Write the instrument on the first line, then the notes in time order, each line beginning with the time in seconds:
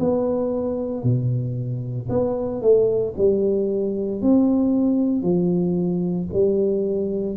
tuba
0.00 B3
1.03 B2
2.10 B3
2.62 A3
3.18 G3
4.22 C4
5.23 F3
6.33 G3